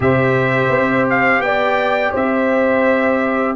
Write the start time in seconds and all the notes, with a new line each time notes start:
0.00 C3 G4 C5 E5
0.68 C4
1.09 F5
1.40 B3 D5 G5
2.12 C4 C5 E5